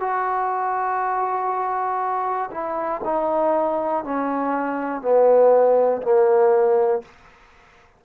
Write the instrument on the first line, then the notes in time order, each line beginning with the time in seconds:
trombone
0.00 F#4
2.51 E4
3.04 D#4
4.04 C#4
5.01 B3
6.02 A#3